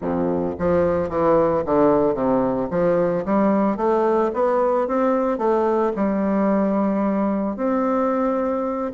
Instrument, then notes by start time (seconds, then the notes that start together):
bassoon
0.01 F2
0.58 F3
1.09 E3
1.65 D3
2.14 C3
2.70 F3
3.25 G3
3.77 A3
4.33 B3
4.87 C4
5.38 A3
5.96 G3
7.56 C4